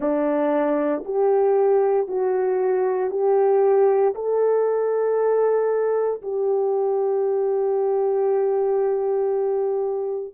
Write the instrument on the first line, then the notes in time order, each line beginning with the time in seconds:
horn
0.00 D4
1.04 G4
2.07 F#4
3.10 G4
4.14 A4
6.22 G4